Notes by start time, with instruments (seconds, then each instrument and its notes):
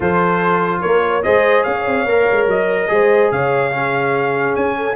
0.00 tuba F3, trombone F4, horn A4, trumpet C5
0.80 tuba A#3, horn A#4, trumpet C#5
1.06 horn C#5
1.22 tuba G#3, trombone G#4, horn C5, trumpet D#5
1.63 tuba C#4, horn C#5, trumpet F5
1.86 tuba C4
2.05 tuba A#3, trombone A#4
2.31 tuba G#3
2.47 tuba F#3, trumpet D#5
2.88 tuba G#3, trombone G#4, horn C5
3.31 tuba C#3, horn C#5, trumpet F5
3.71 trombone C#4, horn G#4
4.55 tuba C#4, trumpet G#5
4.76 horn A4